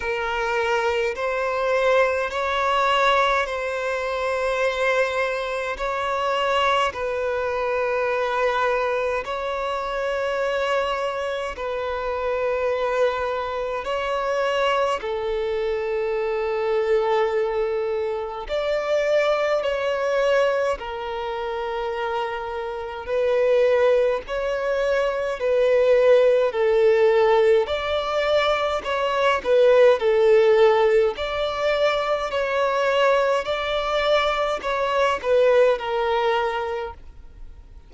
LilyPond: \new Staff \with { instrumentName = "violin" } { \time 4/4 \tempo 4 = 52 ais'4 c''4 cis''4 c''4~ | c''4 cis''4 b'2 | cis''2 b'2 | cis''4 a'2. |
d''4 cis''4 ais'2 | b'4 cis''4 b'4 a'4 | d''4 cis''8 b'8 a'4 d''4 | cis''4 d''4 cis''8 b'8 ais'4 | }